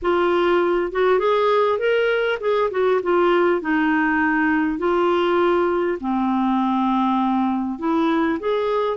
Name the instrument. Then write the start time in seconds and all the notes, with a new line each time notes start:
clarinet
0.02 F4
0.92 F#4
1.19 G#4
1.78 A#4
2.40 G#4
2.70 F#4
3.02 F4
3.61 D#4
4.78 F4
6.00 C4
7.78 E4
8.39 G#4